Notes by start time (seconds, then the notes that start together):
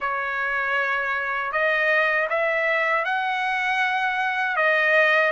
0.00 C#5
1.52 D#5
2.29 E5
3.04 F#5
4.56 D#5